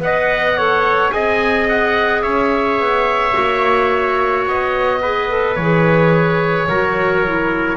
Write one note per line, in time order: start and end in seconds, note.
0.00 1.11 B3
0.00 0.56 B4
0.00 0.57 D#5
0.00 1.12 F#5
0.57 1.10 A4
0.57 1.12 C#5
1.10 2.23 C4
1.10 3.33 G#4
1.10 2.22 D#5
1.10 1.67 G#5
1.69 2.22 F#5
2.22 2.79 C#4
2.22 5.00 C#5
2.22 4.44 E5
2.79 3.34 B3
3.33 4.47 A#3
3.33 5.00 F#4
4.47 5.56 B3
4.47 5.55 D#5
5.02 5.29 G#4
5.02 6.68 B4
5.29 5.57 A4
5.55 6.68 E3
5.55 7.77 C#5
5.61 6.70 G#4
6.69 7.77 F#3
6.69 7.25 F#4
6.69 7.77 A#4
7.25 7.77 E4